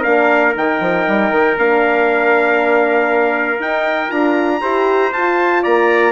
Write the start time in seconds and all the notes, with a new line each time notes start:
0.00 A#3 D4 A#4 F5
0.55 D#3 D#4 G5
0.80 F3
1.08 G3
1.31 D#3
1.58 A#3 D4 F5
3.60 D#4 G5
4.09 D4 F4 A#5
4.61 E4 G4 C5
5.12 F4 A5
5.63 A#3 D5 A#5